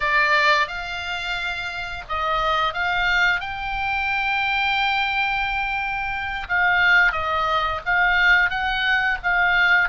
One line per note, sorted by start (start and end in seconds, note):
0.00 0.67 D5
0.67 2.04 F5
2.09 2.73 D#5
2.73 3.40 F5
3.40 6.47 G5
6.48 7.12 F5
7.12 7.80 D#5
7.85 8.49 F5
8.49 9.18 F#5
9.23 9.88 F5